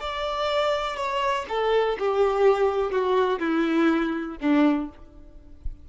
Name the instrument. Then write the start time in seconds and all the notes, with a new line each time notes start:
violin
0.00 D5
0.96 C#5
1.48 A4
1.99 G4
2.91 F#4
3.39 E4
4.40 D4